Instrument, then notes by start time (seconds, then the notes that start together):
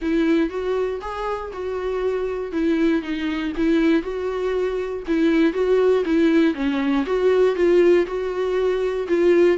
viola
0.01 E4
0.49 F#4
1.01 G#4
1.52 F#4
2.52 E4
3.02 D#4
3.56 E4
4.02 F#4
5.07 E4
5.53 F#4
6.05 E4
6.54 C#4
7.06 F#4
7.55 F4
8.06 F#4
9.08 F4